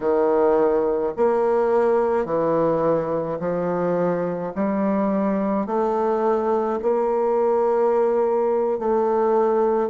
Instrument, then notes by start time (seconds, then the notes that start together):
bassoon
0.00 D#3
1.16 A#3
2.25 E3
3.40 F3
4.55 G3
5.66 A3
6.82 A#3
8.78 A3